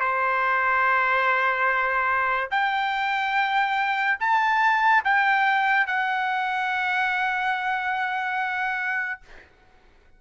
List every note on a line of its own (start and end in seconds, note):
0.00 2.50 C5
2.51 4.17 G5
4.20 5.03 A5
5.04 5.87 G5
5.87 9.20 F#5